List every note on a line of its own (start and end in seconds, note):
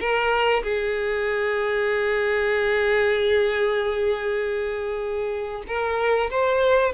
0.00 0.62 A#4
0.63 5.63 G#4
5.67 6.30 A#4
6.30 6.93 C5